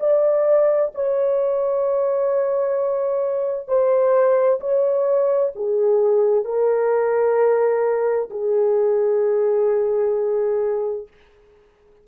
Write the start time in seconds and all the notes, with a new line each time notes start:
0.00 D5
0.95 C#5
3.68 C5
4.61 C#5
5.56 G#4
6.45 A#4
8.31 G#4